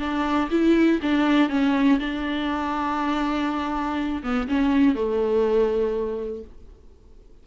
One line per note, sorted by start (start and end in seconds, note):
0.00 0.50 D4
0.51 1.01 E4
1.03 1.50 D4
1.50 1.99 C#4
2.00 4.23 D4
4.24 4.48 B3
4.49 4.95 C#4
4.95 6.44 A3